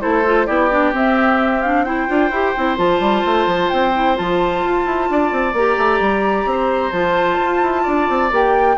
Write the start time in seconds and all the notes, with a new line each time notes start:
0.00 A3 E4 A4 C5
0.26 F4
0.46 B3 E4 G4 D5
0.70 D4
0.93 C4 E5
1.62 D4 F5
1.84 E4 C5 G5
2.08 D4 F4
2.30 E4 G4
2.57 C4 E4
2.77 F3 F4 A5
3.00 G3
3.25 A3
3.46 F3
3.70 C4 G5
3.94 E4
4.15 F3 F4 A5
4.65 F4
4.86 E4
5.10 D4 D5
5.32 C4
5.53 A#3 G4 A#5
5.77 A3
6.00 G3
6.45 C4 C5
6.92 F3 F4 A5
7.41 F4
7.62 E4
7.83 D4 D5
8.09 C4
8.31 A#3 G4 G5